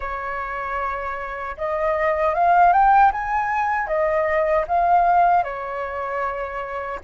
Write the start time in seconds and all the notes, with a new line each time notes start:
0.00 C#5
1.57 D#5
2.34 F5
2.72 G5
3.12 G#5
3.87 D#5
4.67 F5
5.43 C#5